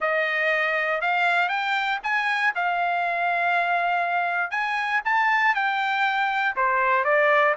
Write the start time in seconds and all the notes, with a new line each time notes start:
0.00 D#5
1.01 F5
1.48 G5
2.03 G#5
2.55 F5
4.51 G#5
5.04 A5
5.55 G5
6.55 C5
7.04 D5